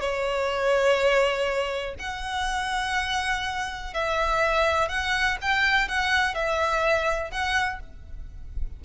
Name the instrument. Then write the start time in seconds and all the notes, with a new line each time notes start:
violin
0.00 C#5
1.99 F#5
3.94 E5
4.88 F#5
5.41 G5
5.88 F#5
6.34 E5
7.31 F#5